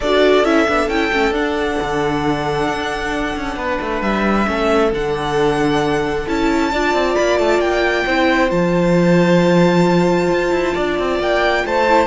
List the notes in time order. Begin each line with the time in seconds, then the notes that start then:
0.00 D4 F#4 A4 D5
0.44 C#4 E4 E5
0.68 B3 D4
0.88 C#4 E4 G5
1.12 A3 C#4
1.31 D4 F#5
1.81 D3
2.68 D4
3.36 C#4
3.56 B3 B4
3.81 A3
4.01 G3 E5
4.45 A3 C#4 A4
4.91 D3 D4 F#5
6.27 C#4 E4 A5
6.71 D4 F4 D5
6.93 C4
7.15 A#3 B5
7.38 A3 A5
7.59 A#3 G5
8.06 C4 E4 C5
8.49 F3 F4 A5
10.31 F4
10.52 E4
10.74 D4 D5
10.98 C4
11.19 A#3 G5
11.64 A3 C5 A5
11.88 E4